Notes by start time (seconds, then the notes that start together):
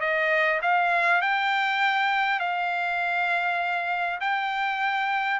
0.00 D#5
0.62 F5
1.21 G5
2.39 F5
4.20 G5